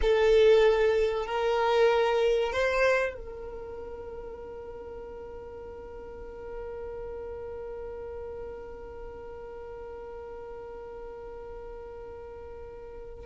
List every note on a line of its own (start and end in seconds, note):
0.01 1.26 A4
1.26 2.52 A#4
2.52 3.14 C5
3.14 13.25 A#4